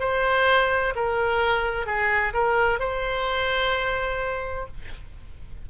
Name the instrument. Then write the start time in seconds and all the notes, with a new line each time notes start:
oboe
0.00 C5
0.96 A#4
1.86 G#4
2.34 A#4
2.80 C5